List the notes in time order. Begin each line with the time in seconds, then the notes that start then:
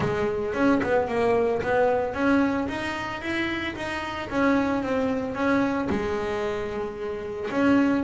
0.00 G#3
0.54 C#4
0.83 B3
1.07 A#3
1.62 B3
2.14 C#4
2.68 D#4
3.21 E4
3.75 D#4
4.29 C#4
4.83 C4
5.34 C#4
5.89 G#3
7.50 C#4